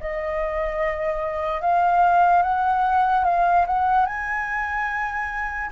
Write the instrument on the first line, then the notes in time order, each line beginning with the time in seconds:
flute
0.00 D#5
1.61 F5
2.42 F#5
3.24 F5
3.67 F#5
4.06 G#5